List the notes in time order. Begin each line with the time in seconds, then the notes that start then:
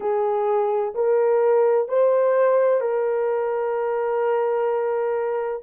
0.00 G#4
0.94 A#4
1.88 C5
2.80 A#4